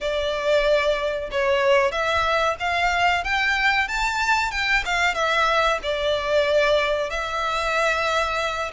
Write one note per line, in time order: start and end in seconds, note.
0.01 1.30 D5
1.31 1.91 C#5
1.91 2.56 E5
2.59 3.24 F5
3.24 3.88 G5
3.88 4.51 A5
4.51 4.83 G5
4.85 5.14 F5
5.14 5.79 E5
5.82 7.10 D5
7.10 8.71 E5